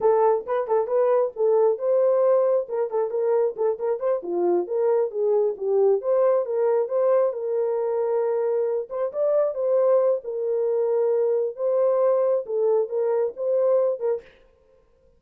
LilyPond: \new Staff \with { instrumentName = "horn" } { \time 4/4 \tempo 4 = 135 a'4 b'8 a'8 b'4 a'4 | c''2 ais'8 a'8 ais'4 | a'8 ais'8 c''8 f'4 ais'4 gis'8~ | gis'8 g'4 c''4 ais'4 c''8~ |
c''8 ais'2.~ ais'8 | c''8 d''4 c''4. ais'4~ | ais'2 c''2 | a'4 ais'4 c''4. ais'8 | }